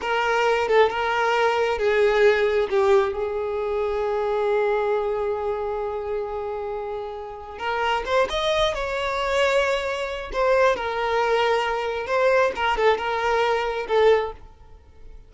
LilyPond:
\new Staff \with { instrumentName = "violin" } { \time 4/4 \tempo 4 = 134 ais'4. a'8 ais'2 | gis'2 g'4 gis'4~ | gis'1~ | gis'1~ |
gis'4 ais'4 c''8 dis''4 cis''8~ | cis''2. c''4 | ais'2. c''4 | ais'8 a'8 ais'2 a'4 | }